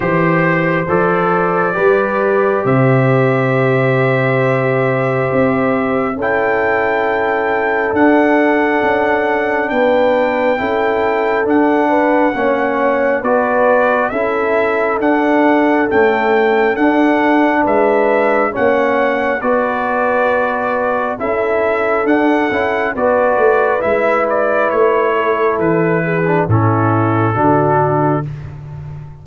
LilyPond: <<
  \new Staff \with { instrumentName = "trumpet" } { \time 4/4 \tempo 4 = 68 c''4 d''2 e''4~ | e''2. g''4~ | g''4 fis''2 g''4~ | g''4 fis''2 d''4 |
e''4 fis''4 g''4 fis''4 | e''4 fis''4 d''2 | e''4 fis''4 d''4 e''8 d''8 | cis''4 b'4 a'2 | }
  \new Staff \with { instrumentName = "horn" } { \time 4/4 c''2 b'4 c''4~ | c''2. a'4~ | a'2. b'4 | a'4. b'8 cis''4 b'4 |
a'1 | b'4 cis''4 b'2 | a'2 b'2~ | b'8 a'4 gis'8 e'4 fis'4 | }
  \new Staff \with { instrumentName = "trombone" } { \time 4/4 g'4 a'4 g'2~ | g'2. e'4~ | e'4 d'2. | e'4 d'4 cis'4 fis'4 |
e'4 d'4 a4 d'4~ | d'4 cis'4 fis'2 | e'4 d'8 e'8 fis'4 e'4~ | e'4.~ e'16 d'16 cis'4 d'4 | }
  \new Staff \with { instrumentName = "tuba" } { \time 4/4 e4 f4 g4 c4~ | c2 c'4 cis'4~ | cis'4 d'4 cis'4 b4 | cis'4 d'4 ais4 b4 |
cis'4 d'4 cis'4 d'4 | gis4 ais4 b2 | cis'4 d'8 cis'8 b8 a8 gis4 | a4 e4 a,4 d4 | }
>>